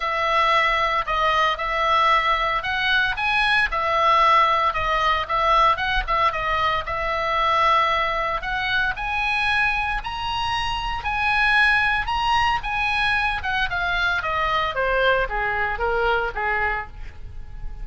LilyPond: \new Staff \with { instrumentName = "oboe" } { \time 4/4 \tempo 4 = 114 e''2 dis''4 e''4~ | e''4 fis''4 gis''4 e''4~ | e''4 dis''4 e''4 fis''8 e''8 | dis''4 e''2. |
fis''4 gis''2 ais''4~ | ais''4 gis''2 ais''4 | gis''4. fis''8 f''4 dis''4 | c''4 gis'4 ais'4 gis'4 | }